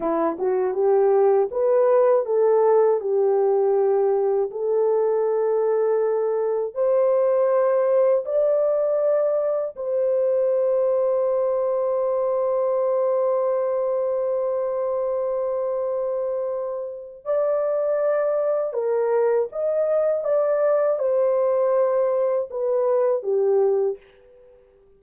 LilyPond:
\new Staff \with { instrumentName = "horn" } { \time 4/4 \tempo 4 = 80 e'8 fis'8 g'4 b'4 a'4 | g'2 a'2~ | a'4 c''2 d''4~ | d''4 c''2.~ |
c''1~ | c''2. d''4~ | d''4 ais'4 dis''4 d''4 | c''2 b'4 g'4 | }